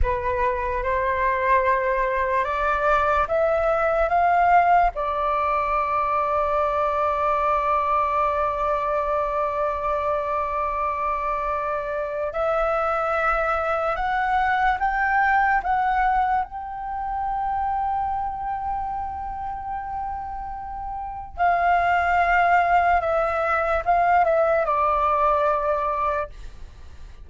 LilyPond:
\new Staff \with { instrumentName = "flute" } { \time 4/4 \tempo 4 = 73 b'4 c''2 d''4 | e''4 f''4 d''2~ | d''1~ | d''2. e''4~ |
e''4 fis''4 g''4 fis''4 | g''1~ | g''2 f''2 | e''4 f''8 e''8 d''2 | }